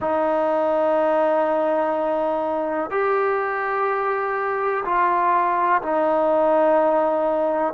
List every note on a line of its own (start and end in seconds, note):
0.00 2.90 D#4
2.90 4.84 G4
4.84 5.81 F4
5.82 7.73 D#4